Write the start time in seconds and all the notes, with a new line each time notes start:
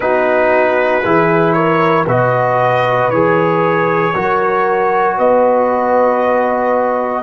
0.00 B3 D#4 F#4 B4
1.03 E3 E4 G#4
1.52 A#4 C#5
2.06 B2 F#4 B4 D#5
3.09 E3 G#4 C#5
4.14 F#3 F#4 A#4
5.17 B3 B4 D#5